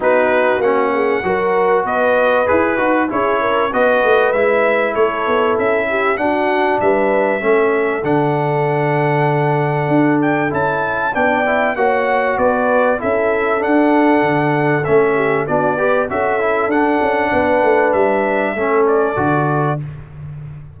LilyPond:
<<
  \new Staff \with { instrumentName = "trumpet" } { \time 4/4 \tempo 4 = 97 b'4 fis''2 dis''4 | b'4 cis''4 dis''4 e''4 | cis''4 e''4 fis''4 e''4~ | e''4 fis''2.~ |
fis''8 g''8 a''4 g''4 fis''4 | d''4 e''4 fis''2 | e''4 d''4 e''4 fis''4~ | fis''4 e''4. d''4. | }
  \new Staff \with { instrumentName = "horn" } { \time 4/4 fis'4. gis'8 ais'4 b'4~ | b'4 gis'8 ais'8 b'2 | a'4. g'8 fis'4 b'4 | a'1~ |
a'2 d''4 cis''4 | b'4 a'2.~ | a'8 g'8 fis'8 b'8 a'2 | b'2 a'2 | }
  \new Staff \with { instrumentName = "trombone" } { \time 4/4 dis'4 cis'4 fis'2 | gis'8 fis'8 e'4 fis'4 e'4~ | e'2 d'2 | cis'4 d'2.~ |
d'4 e'4 d'8 e'8 fis'4~ | fis'4 e'4 d'2 | cis'4 d'8 g'8 fis'8 e'8 d'4~ | d'2 cis'4 fis'4 | }
  \new Staff \with { instrumentName = "tuba" } { \time 4/4 b4 ais4 fis4 b4 | e'8 dis'8 cis'4 b8 a8 gis4 | a8 b8 cis'4 d'4 g4 | a4 d2. |
d'4 cis'4 b4 ais4 | b4 cis'4 d'4 d4 | a4 b4 cis'4 d'8 cis'8 | b8 a8 g4 a4 d4 | }
>>